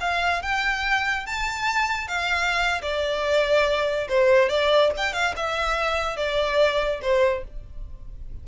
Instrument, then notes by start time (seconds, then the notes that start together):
violin
0.00 F5
0.42 G5
1.26 A5
2.08 F5
2.82 D5
4.09 C5
4.49 D5
4.97 G5
5.13 F5
5.36 E5
6.16 D5
7.01 C5